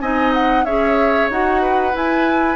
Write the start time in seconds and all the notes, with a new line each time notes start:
0.00 C4 D#4 D#5 G#5
0.33 F#5
0.64 C#4 G#4 C#5 E5
1.29 D#4 F#4 F#5
1.61 B4
1.92 E4 G#5